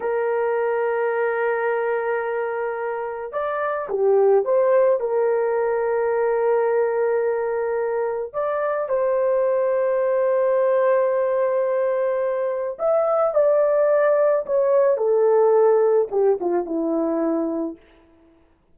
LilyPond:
\new Staff \with { instrumentName = "horn" } { \time 4/4 \tempo 4 = 108 ais'1~ | ais'2 d''4 g'4 | c''4 ais'2.~ | ais'2. d''4 |
c''1~ | c''2. e''4 | d''2 cis''4 a'4~ | a'4 g'8 f'8 e'2 | }